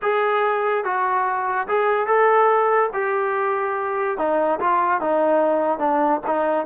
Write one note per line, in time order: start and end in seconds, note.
0.02 0.84 G#4
0.84 1.67 F#4
1.68 2.06 G#4
2.06 2.90 A4
2.93 4.18 G4
4.18 4.59 D#4
4.59 5.00 F4
5.00 5.79 D#4
5.79 6.20 D4
6.26 6.66 D#4